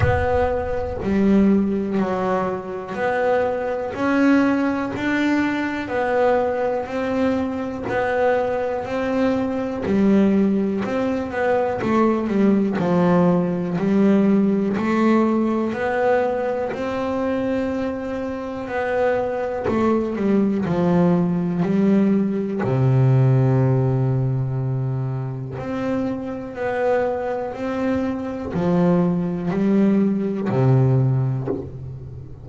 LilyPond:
\new Staff \with { instrumentName = "double bass" } { \time 4/4 \tempo 4 = 61 b4 g4 fis4 b4 | cis'4 d'4 b4 c'4 | b4 c'4 g4 c'8 b8 | a8 g8 f4 g4 a4 |
b4 c'2 b4 | a8 g8 f4 g4 c4~ | c2 c'4 b4 | c'4 f4 g4 c4 | }